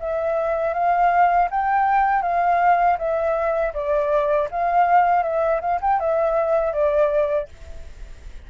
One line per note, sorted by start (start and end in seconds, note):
0.00 0.74 E5
0.74 1.49 F5
1.51 2.23 G5
2.23 2.98 F5
2.98 3.73 E5
3.74 4.49 D5
4.51 5.23 F5
5.23 5.61 E5
5.61 5.80 F5
5.82 6.00 G5
6.00 6.73 E5
6.73 7.48 D5